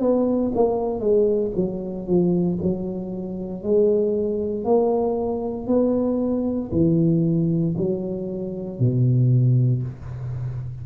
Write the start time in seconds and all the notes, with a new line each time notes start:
0.00 B3
0.55 A#3
1.00 G#3
1.56 F#3
2.07 F3
2.62 F#3
3.63 G#3
4.65 A#3
5.67 B3
6.72 E3
7.77 F#3
8.79 B2